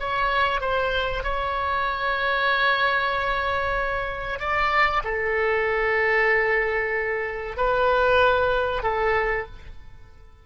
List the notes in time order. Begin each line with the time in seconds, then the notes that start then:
0.00 C#5
0.61 C5
1.24 C#5
4.40 D5
5.04 A4
7.57 B4
8.83 A4